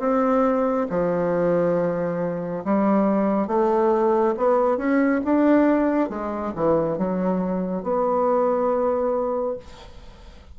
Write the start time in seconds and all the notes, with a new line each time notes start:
0.00 C4
0.90 F3
2.65 G3
3.48 A3
4.37 B3
4.78 C#4
5.25 D4
6.10 G#3
6.56 E3
6.98 F#3
7.83 B3